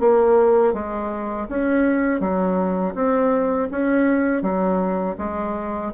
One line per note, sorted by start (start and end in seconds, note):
0.00 0.73 A#3
0.73 1.47 G#3
1.49 2.20 C#4
2.20 2.94 F#3
2.95 3.69 C4
3.71 4.42 C#4
4.42 5.16 F#3
5.18 5.92 G#3